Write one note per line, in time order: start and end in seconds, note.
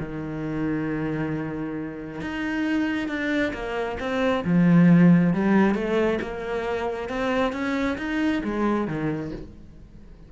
0.00 2.21 D#3
2.21 3.09 D#4
3.09 3.53 D4
3.54 3.98 A#3
4.00 4.45 C4
4.45 5.34 F3
5.34 5.75 G3
5.75 6.19 A3
6.22 7.09 A#3
7.09 7.53 C4
7.53 7.98 C#4
7.98 8.43 D#4
8.44 8.88 G#3
8.88 9.32 D#3